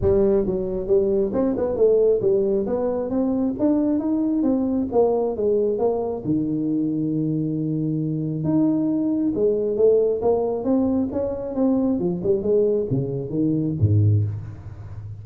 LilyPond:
\new Staff \with { instrumentName = "tuba" } { \time 4/4 \tempo 4 = 135 g4 fis4 g4 c'8 b8 | a4 g4 b4 c'4 | d'4 dis'4 c'4 ais4 | gis4 ais4 dis2~ |
dis2. dis'4~ | dis'4 gis4 a4 ais4 | c'4 cis'4 c'4 f8 g8 | gis4 cis4 dis4 gis,4 | }